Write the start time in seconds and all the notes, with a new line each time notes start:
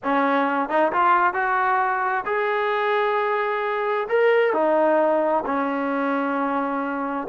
0.03 C#4
0.69 D#4
0.92 F4
1.33 F#4
2.25 G#4
4.08 A#4
4.53 D#4
5.45 C#4